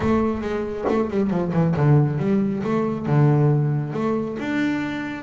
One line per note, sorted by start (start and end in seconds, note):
0.00 0.41 A3
0.41 0.84 G#3
0.88 1.10 A3
1.10 1.30 G3
1.30 1.52 F3
1.52 1.74 E3
1.76 2.18 D3
2.18 2.62 G3
2.63 3.06 A3
3.06 3.93 D3
3.93 4.37 A3
4.39 5.22 D4